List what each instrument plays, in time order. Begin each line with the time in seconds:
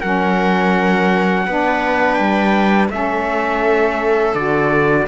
0.00 cello F#3, saxophone C#4, viola A#4, trumpet F#5
1.46 cello B3, saxophone D4, viola B4
2.14 cello G3, trumpet G5
2.89 cello A3, saxophone C#4, viola A4, trumpet E5
4.34 cello D3, saxophone F#4, trumpet D5